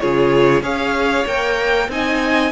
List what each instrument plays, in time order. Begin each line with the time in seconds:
0.00 cello C#3, viola F4, violin G#4 C#5
0.62 cello C#4, viola G#4, violin C#5 F5
1.27 cello A#3, viola A#4, violin G5
1.89 cello C4, viola D#4, violin D#5 G#5